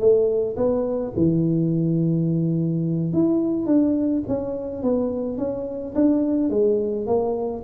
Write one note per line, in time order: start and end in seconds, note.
0.00 0.57 A3
0.57 1.14 B3
1.16 3.13 E3
3.13 3.66 E4
3.66 4.23 D4
4.28 4.83 C#4
4.83 5.38 B3
5.38 5.95 C#4
5.95 6.50 D4
6.50 7.07 G#3
7.07 7.64 A#3